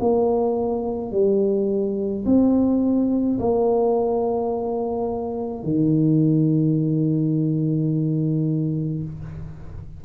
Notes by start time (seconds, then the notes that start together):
0.00 A#3
1.12 G3
2.25 C4
3.39 A#3
5.63 D#3